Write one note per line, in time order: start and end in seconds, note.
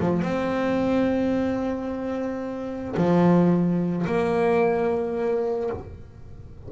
0.00 0.23 F3
0.23 2.96 C4
2.97 4.06 F3
4.07 5.70 A#3